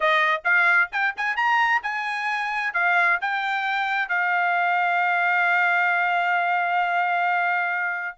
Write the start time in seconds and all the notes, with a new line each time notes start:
0.00 D#5
0.44 F5
0.92 G5
1.16 G#5
1.36 A#5
1.82 G#5
2.73 F5
3.21 G5
4.08 F5